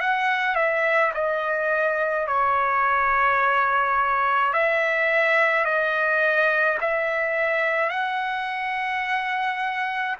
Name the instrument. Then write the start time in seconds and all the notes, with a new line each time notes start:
trumpet
0.00 F#5
0.55 E5
1.14 D#5
2.27 C#5
4.53 E5
5.65 D#5
6.81 E5
7.89 F#5